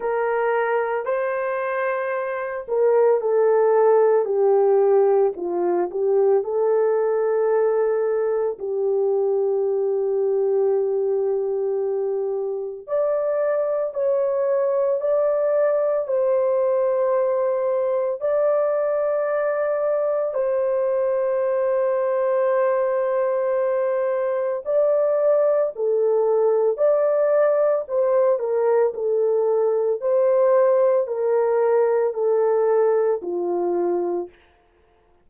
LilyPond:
\new Staff \with { instrumentName = "horn" } { \time 4/4 \tempo 4 = 56 ais'4 c''4. ais'8 a'4 | g'4 f'8 g'8 a'2 | g'1 | d''4 cis''4 d''4 c''4~ |
c''4 d''2 c''4~ | c''2. d''4 | a'4 d''4 c''8 ais'8 a'4 | c''4 ais'4 a'4 f'4 | }